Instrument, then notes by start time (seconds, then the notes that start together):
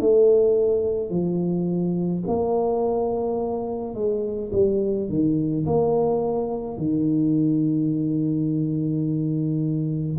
tuba
0.00 A3
1.10 F3
2.27 A#3
3.95 G#3
4.52 G3
5.09 D#3
5.66 A#3
6.78 D#3